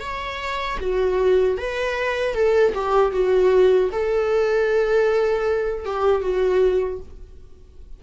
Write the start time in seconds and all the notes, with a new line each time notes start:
0.00 C#5
0.81 F#4
1.58 B4
2.34 A4
2.74 G4
3.12 F#4
3.92 A4
5.85 G4
6.22 F#4